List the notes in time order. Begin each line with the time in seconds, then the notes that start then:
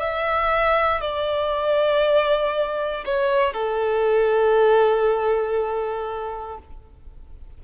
0.00 E5
1.01 D5
3.06 C#5
3.53 A4